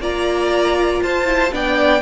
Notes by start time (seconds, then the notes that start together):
0.00 A#3 F4 D5 A#5
1.02 F4 C5 A5
1.26 E4
1.52 B3 D4 D5 G5